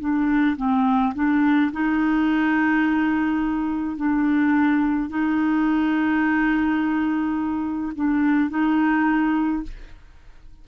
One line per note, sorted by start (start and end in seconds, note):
0.00 0.57 D4
0.57 1.14 C4
1.15 1.72 D4
1.72 3.97 D#4
3.97 5.10 D4
5.10 7.93 D#4
7.96 8.50 D4
8.50 9.63 D#4